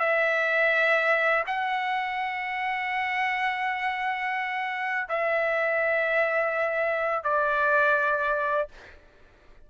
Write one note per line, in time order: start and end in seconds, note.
0.00 1.45 E5
1.47 5.09 F#5
5.09 7.24 E5
7.24 8.69 D5